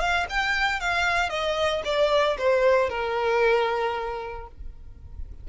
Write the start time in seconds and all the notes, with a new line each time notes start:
0.00 F5
0.30 G5
0.80 F5
1.30 D#5
1.85 D5
2.38 C5
2.90 A#4